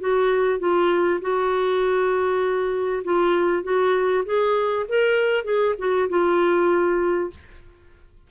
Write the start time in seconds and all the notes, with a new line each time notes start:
0.00 F#4
0.60 F4
1.21 F#4
3.04 F4
3.63 F#4
4.25 G#4
4.88 A#4
5.45 G#4
5.79 F#4
6.09 F4